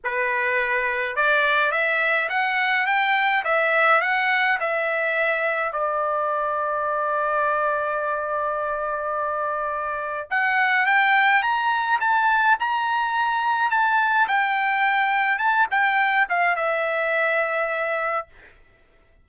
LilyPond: \new Staff \with { instrumentName = "trumpet" } { \time 4/4 \tempo 4 = 105 b'2 d''4 e''4 | fis''4 g''4 e''4 fis''4 | e''2 d''2~ | d''1~ |
d''2 fis''4 g''4 | ais''4 a''4 ais''2 | a''4 g''2 a''8 g''8~ | g''8 f''8 e''2. | }